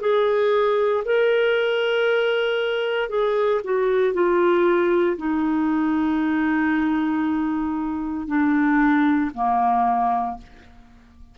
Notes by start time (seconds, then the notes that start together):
0.00 G#4
1.04 A#4
3.09 G#4
3.64 F#4
4.13 F4
5.17 D#4
8.27 D4
9.34 A#3